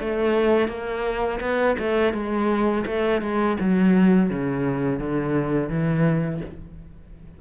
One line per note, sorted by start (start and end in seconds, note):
0.00 0.68 A3
0.68 1.40 A#3
1.40 1.76 B3
1.79 2.13 A3
2.13 2.85 G#3
2.86 3.22 A3
3.22 3.57 G#3
3.60 4.30 F#3
4.30 5.00 C#3
5.00 5.69 D3
5.69 6.41 E3